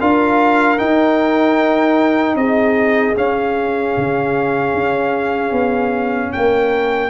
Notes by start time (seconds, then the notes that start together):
0.00 D4 F4 A#4 F5
0.78 D#4 G5
2.34 C4 G#4 D#5
3.15 C#4 F5
3.97 C#3
4.74 C#4
5.51 B3
6.32 A#3 A#4 G5